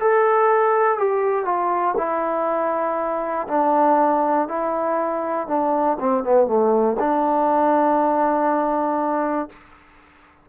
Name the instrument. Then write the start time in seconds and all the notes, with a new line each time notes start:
trombone
0.00 A4
0.99 G4
1.45 F4
1.98 E4
3.48 D4
4.49 E4
5.48 D4
6.00 C4
6.24 B3
6.47 A3
7.00 D4